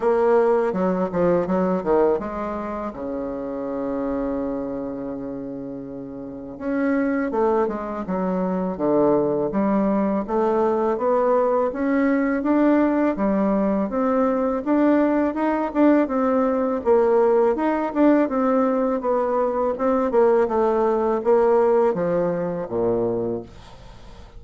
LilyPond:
\new Staff \with { instrumentName = "bassoon" } { \time 4/4 \tempo 4 = 82 ais4 fis8 f8 fis8 dis8 gis4 | cis1~ | cis4 cis'4 a8 gis8 fis4 | d4 g4 a4 b4 |
cis'4 d'4 g4 c'4 | d'4 dis'8 d'8 c'4 ais4 | dis'8 d'8 c'4 b4 c'8 ais8 | a4 ais4 f4 ais,4 | }